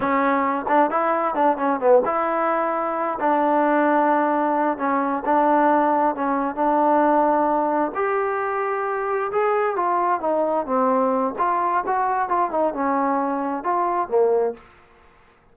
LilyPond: \new Staff \with { instrumentName = "trombone" } { \time 4/4 \tempo 4 = 132 cis'4. d'8 e'4 d'8 cis'8 | b8 e'2~ e'8 d'4~ | d'2~ d'8 cis'4 d'8~ | d'4. cis'4 d'4.~ |
d'4. g'2~ g'8~ | g'8 gis'4 f'4 dis'4 c'8~ | c'4 f'4 fis'4 f'8 dis'8 | cis'2 f'4 ais4 | }